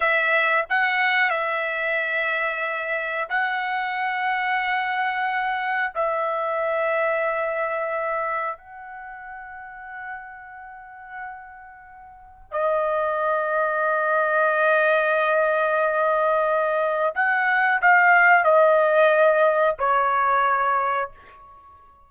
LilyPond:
\new Staff \with { instrumentName = "trumpet" } { \time 4/4 \tempo 4 = 91 e''4 fis''4 e''2~ | e''4 fis''2.~ | fis''4 e''2.~ | e''4 fis''2.~ |
fis''2. dis''4~ | dis''1~ | dis''2 fis''4 f''4 | dis''2 cis''2 | }